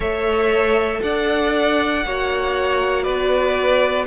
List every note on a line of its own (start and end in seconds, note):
0.00 0.99 A3
0.00 2.03 A4
0.00 1.00 C#5
0.00 1.02 E5
1.02 2.05 D4
1.02 2.05 D5
1.02 3.03 F#5
2.05 3.06 A#3
2.05 4.06 F#4
2.05 3.03 C#5
3.03 4.06 B3
3.03 4.05 B4
3.03 4.05 D5